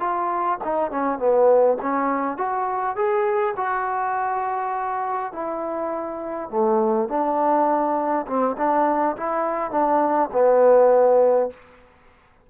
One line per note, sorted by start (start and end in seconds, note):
0.00 0.59 F4
0.64 0.91 D#4
0.91 1.19 C#4
1.19 1.78 B3
1.82 2.38 C#4
2.38 2.96 F#4
2.96 3.55 G#4
3.57 5.33 F#4
5.33 6.51 E4
6.51 7.09 A3
7.09 8.26 D4
8.27 8.56 C4
8.58 9.17 D4
9.17 9.71 E4
9.71 10.30 D4
10.33 11.51 B3